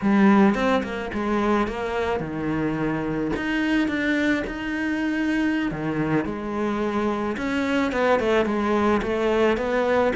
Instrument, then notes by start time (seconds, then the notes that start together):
cello
0.02 G3
0.54 C4
0.83 A#3
1.13 G#3
1.67 A#3
2.19 D#3
3.36 D#4
3.88 D4
4.46 D#4
5.71 D#3
6.25 G#3
7.37 C#4
7.92 B3
8.19 A3
8.45 G#3
9.02 A3
9.57 B3